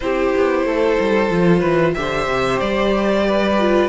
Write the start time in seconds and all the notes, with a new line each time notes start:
0.00 C4 E4 G4 C5
0.35 B3
0.64 A3 A4
1.00 G3
1.30 F3 F4
1.59 E3 B4
1.94 D3 G4 C5 E5
2.27 C3
2.59 G3 D5
3.26 B4
3.59 F4